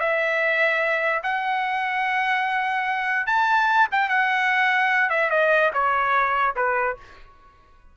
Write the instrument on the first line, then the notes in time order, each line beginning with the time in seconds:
trumpet
0.00 E5
1.23 F#5
3.27 A5
3.92 G5
4.09 F#5
5.10 E5
5.31 D#5
5.73 C#5
6.56 B4